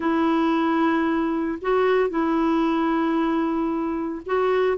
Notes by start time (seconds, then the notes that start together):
0.00 E4
1.61 F#4
2.09 E4
4.26 F#4